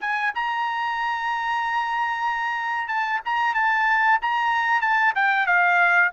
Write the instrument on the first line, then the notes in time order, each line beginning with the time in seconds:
trumpet
0.00 G#5
0.35 A#5
2.88 A5
3.25 A#5
3.54 A5
4.21 A#5
4.81 A5
5.15 G5
5.46 F5